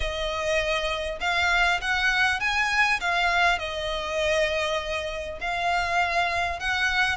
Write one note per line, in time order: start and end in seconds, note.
0.00 1.19 D#5
1.20 1.80 F5
1.81 2.40 F#5
2.40 3.00 G#5
3.00 3.58 F5
3.58 5.38 D#5
5.40 6.59 F5
6.59 7.17 F#5